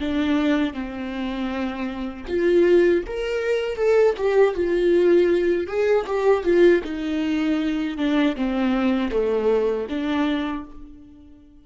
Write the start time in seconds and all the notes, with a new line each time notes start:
0.00 D4
0.74 C4
2.28 F4
3.07 A#4
3.76 A4
4.18 G4
4.55 F4
5.68 G#4
6.07 G4
6.45 F4
6.84 D#4
7.98 D4
8.37 C4
9.12 A3
9.89 D4